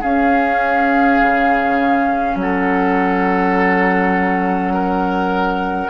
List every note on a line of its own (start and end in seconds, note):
0.00 1.21 C#4
0.00 5.90 C#4
0.00 2.35 G#4
0.00 2.38 F5
1.22 2.35 C#3
2.35 5.88 F#3
2.35 5.90 F#5
2.42 4.74 A4
4.74 5.90 A#4